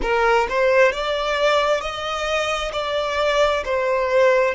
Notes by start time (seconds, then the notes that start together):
0.02 A#4
0.49 C5
0.91 D5
1.80 D#5
2.72 D5
3.64 C5